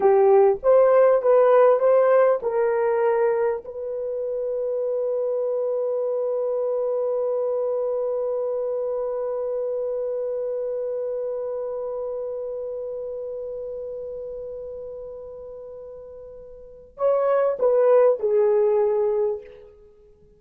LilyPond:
\new Staff \with { instrumentName = "horn" } { \time 4/4 \tempo 4 = 99 g'4 c''4 b'4 c''4 | ais'2 b'2~ | b'1~ | b'1~ |
b'1~ | b'1~ | b'1 | cis''4 b'4 gis'2 | }